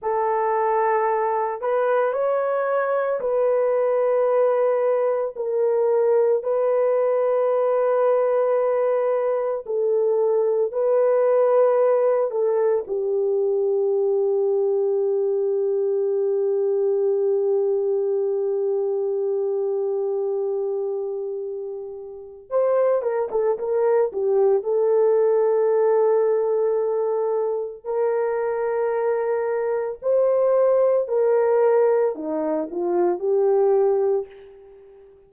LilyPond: \new Staff \with { instrumentName = "horn" } { \time 4/4 \tempo 4 = 56 a'4. b'8 cis''4 b'4~ | b'4 ais'4 b'2~ | b'4 a'4 b'4. a'8 | g'1~ |
g'1~ | g'4 c''8 ais'16 a'16 ais'8 g'8 a'4~ | a'2 ais'2 | c''4 ais'4 dis'8 f'8 g'4 | }